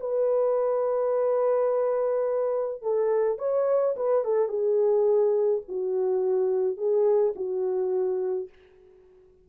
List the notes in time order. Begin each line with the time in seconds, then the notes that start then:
0.00 B4
2.82 A4
3.38 C#5
3.96 B4
4.24 A4
4.48 G#4
5.68 F#4
6.77 G#4
7.35 F#4